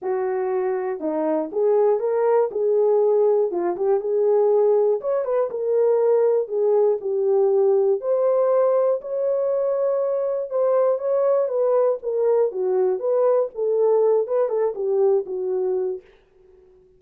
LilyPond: \new Staff \with { instrumentName = "horn" } { \time 4/4 \tempo 4 = 120 fis'2 dis'4 gis'4 | ais'4 gis'2 f'8 g'8 | gis'2 cis''8 b'8 ais'4~ | ais'4 gis'4 g'2 |
c''2 cis''2~ | cis''4 c''4 cis''4 b'4 | ais'4 fis'4 b'4 a'4~ | a'8 b'8 a'8 g'4 fis'4. | }